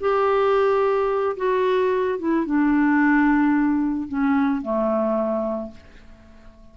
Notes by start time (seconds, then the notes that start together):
0.00 G4
1.36 F#4
2.18 E4
2.46 D4
4.08 C#4
4.62 A3